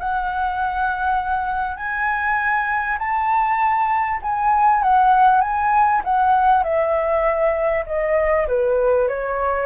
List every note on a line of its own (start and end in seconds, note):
0.00 1.77 F#5
1.77 2.98 G#5
2.99 4.20 A5
4.23 4.83 G#5
4.83 5.41 F#5
5.41 6.02 G#5
6.04 6.64 F#5
6.64 7.85 E5
7.87 8.47 D#5
8.48 9.09 B4
9.09 9.66 C#5